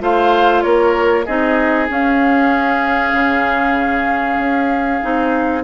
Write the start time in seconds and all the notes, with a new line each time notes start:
0.00 A3 F4 C5 F5
0.62 A#3 A#4 C#5
1.26 C4 D#4 G#4 D#5
1.89 C#4 F5
3.13 C#3
4.38 C#4
5.02 C4 D#4